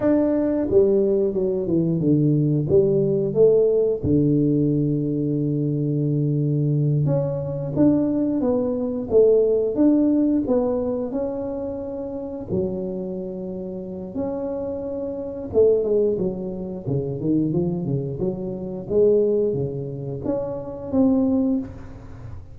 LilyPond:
\new Staff \with { instrumentName = "tuba" } { \time 4/4 \tempo 4 = 89 d'4 g4 fis8 e8 d4 | g4 a4 d2~ | d2~ d8 cis'4 d'8~ | d'8 b4 a4 d'4 b8~ |
b8 cis'2 fis4.~ | fis4 cis'2 a8 gis8 | fis4 cis8 dis8 f8 cis8 fis4 | gis4 cis4 cis'4 c'4 | }